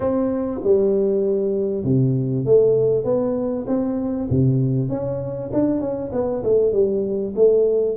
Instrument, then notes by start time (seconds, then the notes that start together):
tuba
0.00 C4
0.63 G3
1.83 C3
2.45 A3
3.04 B3
3.67 C4
4.29 C3
4.89 C#4
5.52 D4
5.80 C#4
6.12 B3
6.43 A3
6.72 G3
7.35 A3